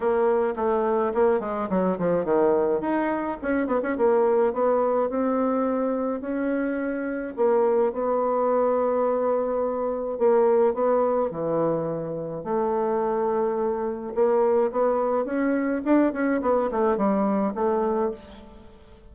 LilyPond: \new Staff \with { instrumentName = "bassoon" } { \time 4/4 \tempo 4 = 106 ais4 a4 ais8 gis8 fis8 f8 | dis4 dis'4 cis'8 b16 cis'16 ais4 | b4 c'2 cis'4~ | cis'4 ais4 b2~ |
b2 ais4 b4 | e2 a2~ | a4 ais4 b4 cis'4 | d'8 cis'8 b8 a8 g4 a4 | }